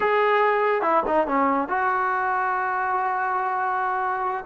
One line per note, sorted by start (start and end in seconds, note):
0.00 0.81 G#4
0.81 1.03 E4
1.06 1.27 D#4
1.27 1.68 C#4
1.68 4.45 F#4